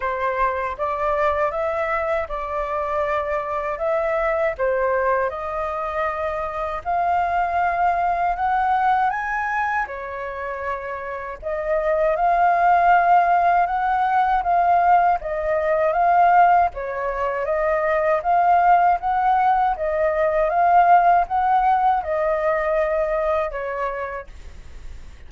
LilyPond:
\new Staff \with { instrumentName = "flute" } { \time 4/4 \tempo 4 = 79 c''4 d''4 e''4 d''4~ | d''4 e''4 c''4 dis''4~ | dis''4 f''2 fis''4 | gis''4 cis''2 dis''4 |
f''2 fis''4 f''4 | dis''4 f''4 cis''4 dis''4 | f''4 fis''4 dis''4 f''4 | fis''4 dis''2 cis''4 | }